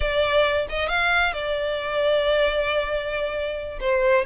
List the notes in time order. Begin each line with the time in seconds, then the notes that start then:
0.00 D5
0.69 D#5
0.88 F5
1.33 D5
3.80 C5